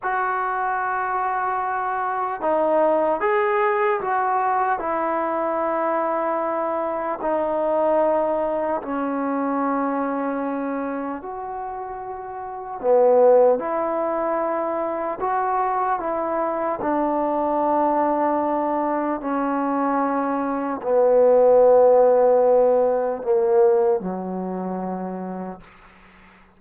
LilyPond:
\new Staff \with { instrumentName = "trombone" } { \time 4/4 \tempo 4 = 75 fis'2. dis'4 | gis'4 fis'4 e'2~ | e'4 dis'2 cis'4~ | cis'2 fis'2 |
b4 e'2 fis'4 | e'4 d'2. | cis'2 b2~ | b4 ais4 fis2 | }